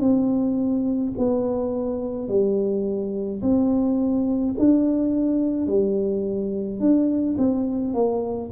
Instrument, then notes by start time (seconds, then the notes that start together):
tuba
0.00 C4
1.18 B3
2.28 G3
3.42 C4
4.59 D4
5.68 G3
6.80 D4
7.38 C4
7.94 A#3